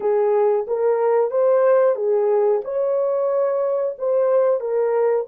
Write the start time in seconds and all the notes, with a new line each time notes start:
0.00 G#4
0.67 A#4
1.30 C5
1.95 G#4
2.64 C#5
3.98 C5
4.60 A#4